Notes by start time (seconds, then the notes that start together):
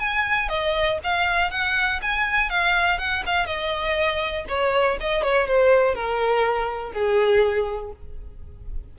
0.00 G#5
0.49 D#5
1.04 F5
1.51 F#5
2.02 G#5
2.50 F5
2.99 F#5
3.26 F5
3.46 D#5
4.49 C#5
5.01 D#5
5.23 C#5
5.47 C5
5.95 A#4
6.93 G#4